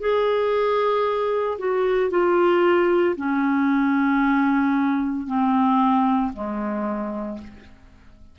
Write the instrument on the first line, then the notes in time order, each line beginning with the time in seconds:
clarinet
0.00 G#4
1.58 F#4
2.11 F4
3.16 C#4
5.27 C4
6.33 G#3